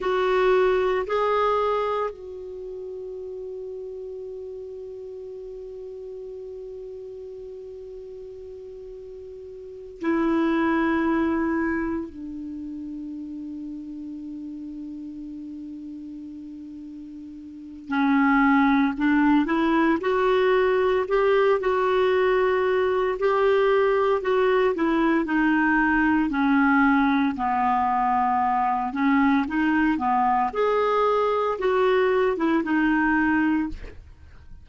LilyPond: \new Staff \with { instrumentName = "clarinet" } { \time 4/4 \tempo 4 = 57 fis'4 gis'4 fis'2~ | fis'1~ | fis'4. e'2 d'8~ | d'1~ |
d'4 cis'4 d'8 e'8 fis'4 | g'8 fis'4. g'4 fis'8 e'8 | dis'4 cis'4 b4. cis'8 | dis'8 b8 gis'4 fis'8. e'16 dis'4 | }